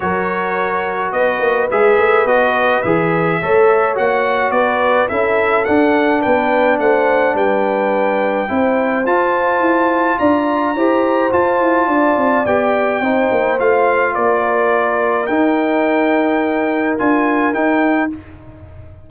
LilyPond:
<<
  \new Staff \with { instrumentName = "trumpet" } { \time 4/4 \tempo 4 = 106 cis''2 dis''4 e''4 | dis''4 e''2 fis''4 | d''4 e''4 fis''4 g''4 | fis''4 g''2. |
a''2 ais''2 | a''2 g''2 | f''4 d''2 g''4~ | g''2 gis''4 g''4 | }
  \new Staff \with { instrumentName = "horn" } { \time 4/4 ais'2 b'2~ | b'2 cis''2 | b'4 a'2 b'4 | c''4 b'2 c''4~ |
c''2 d''4 c''4~ | c''4 d''2 c''4~ | c''4 ais'2.~ | ais'1 | }
  \new Staff \with { instrumentName = "trombone" } { \time 4/4 fis'2. gis'4 | fis'4 gis'4 a'4 fis'4~ | fis'4 e'4 d'2~ | d'2. e'4 |
f'2. g'4 | f'2 g'4 dis'4 | f'2. dis'4~ | dis'2 f'4 dis'4 | }
  \new Staff \with { instrumentName = "tuba" } { \time 4/4 fis2 b8 ais8 gis8 a8 | b4 e4 a4 ais4 | b4 cis'4 d'4 b4 | a4 g2 c'4 |
f'4 e'4 d'4 e'4 | f'8 e'8 d'8 c'8 b4 c'8 ais8 | a4 ais2 dis'4~ | dis'2 d'4 dis'4 | }
>>